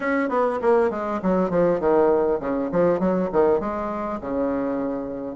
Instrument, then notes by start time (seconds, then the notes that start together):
bassoon
0.00 C#4
0.29 B3
0.61 A#3
0.90 G#3
1.22 F#3
1.49 F3
1.79 D#3
2.40 C#3
2.71 F3
2.99 F#3
3.32 D#3
3.60 G#3
4.21 C#3